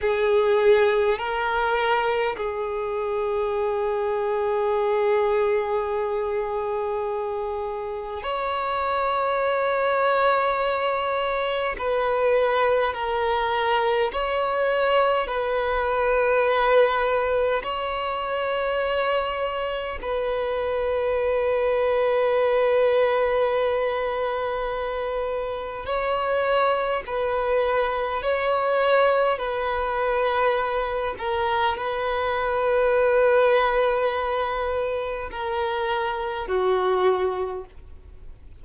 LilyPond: \new Staff \with { instrumentName = "violin" } { \time 4/4 \tempo 4 = 51 gis'4 ais'4 gis'2~ | gis'2. cis''4~ | cis''2 b'4 ais'4 | cis''4 b'2 cis''4~ |
cis''4 b'2.~ | b'2 cis''4 b'4 | cis''4 b'4. ais'8 b'4~ | b'2 ais'4 fis'4 | }